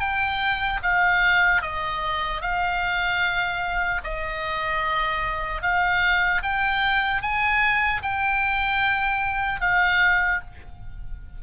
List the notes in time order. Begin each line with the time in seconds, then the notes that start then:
0.00 G5
0.83 F5
1.62 D#5
2.41 F5
4.04 D#5
5.62 F5
6.43 G5
7.22 G#5
8.02 G5
9.61 F5